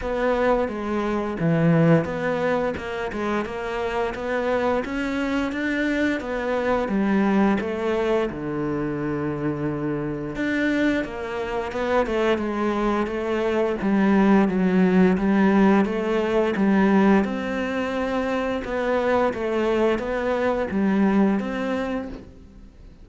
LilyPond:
\new Staff \with { instrumentName = "cello" } { \time 4/4 \tempo 4 = 87 b4 gis4 e4 b4 | ais8 gis8 ais4 b4 cis'4 | d'4 b4 g4 a4 | d2. d'4 |
ais4 b8 a8 gis4 a4 | g4 fis4 g4 a4 | g4 c'2 b4 | a4 b4 g4 c'4 | }